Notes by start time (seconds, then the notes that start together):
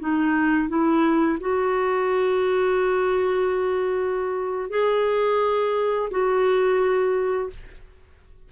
0.00 D#4
0.68 E4
1.40 F#4
4.70 G#4
6.10 F#4